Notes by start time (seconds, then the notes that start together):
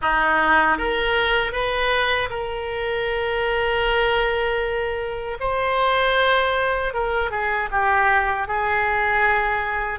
0.01 D#4
0.77 A#4
1.52 B4
2.30 A#4
5.40 C5
6.93 A#4
7.30 G#4
7.71 G4
8.47 G#4